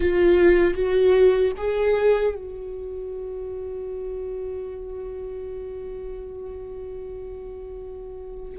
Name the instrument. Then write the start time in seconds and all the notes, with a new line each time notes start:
viola
0.00 F4
0.74 F#4
1.57 G#4
2.34 F#4